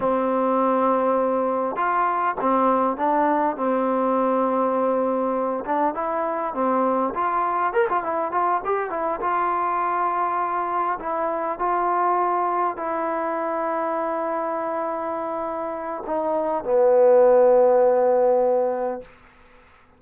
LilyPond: \new Staff \with { instrumentName = "trombone" } { \time 4/4 \tempo 4 = 101 c'2. f'4 | c'4 d'4 c'2~ | c'4. d'8 e'4 c'4 | f'4 ais'16 f'16 e'8 f'8 g'8 e'8 f'8~ |
f'2~ f'8 e'4 f'8~ | f'4. e'2~ e'8~ | e'2. dis'4 | b1 | }